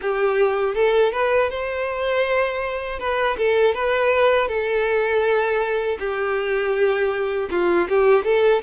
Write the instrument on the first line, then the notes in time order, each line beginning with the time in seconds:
violin
0.01 G4
0.75 A4
1.12 B4
1.50 C5
2.99 B4
3.37 A4
3.74 B4
4.48 A4
5.99 G4
7.50 F4
7.89 G4
8.24 A4